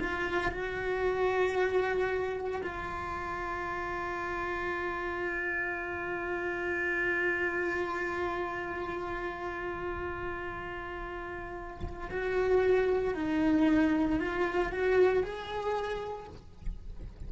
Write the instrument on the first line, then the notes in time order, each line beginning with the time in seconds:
cello
0.00 F4
0.52 F#4
2.63 F4
12.11 F#4
13.15 D#4
14.20 F4
14.72 F#4
15.23 G#4